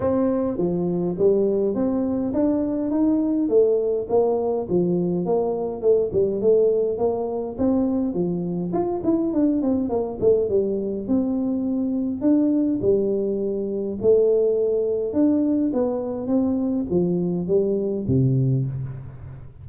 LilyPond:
\new Staff \with { instrumentName = "tuba" } { \time 4/4 \tempo 4 = 103 c'4 f4 g4 c'4 | d'4 dis'4 a4 ais4 | f4 ais4 a8 g8 a4 | ais4 c'4 f4 f'8 e'8 |
d'8 c'8 ais8 a8 g4 c'4~ | c'4 d'4 g2 | a2 d'4 b4 | c'4 f4 g4 c4 | }